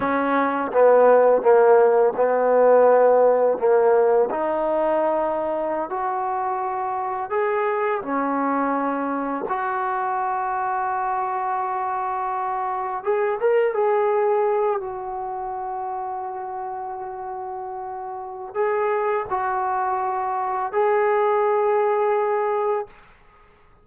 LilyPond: \new Staff \with { instrumentName = "trombone" } { \time 4/4 \tempo 4 = 84 cis'4 b4 ais4 b4~ | b4 ais4 dis'2~ | dis'16 fis'2 gis'4 cis'8.~ | cis'4~ cis'16 fis'2~ fis'8.~ |
fis'2~ fis'16 gis'8 ais'8 gis'8.~ | gis'8. fis'2.~ fis'16~ | fis'2 gis'4 fis'4~ | fis'4 gis'2. | }